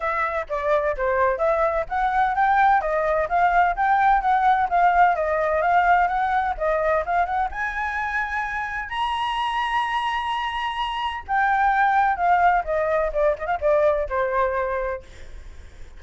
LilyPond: \new Staff \with { instrumentName = "flute" } { \time 4/4 \tempo 4 = 128 e''4 d''4 c''4 e''4 | fis''4 g''4 dis''4 f''4 | g''4 fis''4 f''4 dis''4 | f''4 fis''4 dis''4 f''8 fis''8 |
gis''2. ais''4~ | ais''1 | g''2 f''4 dis''4 | d''8 dis''16 f''16 d''4 c''2 | }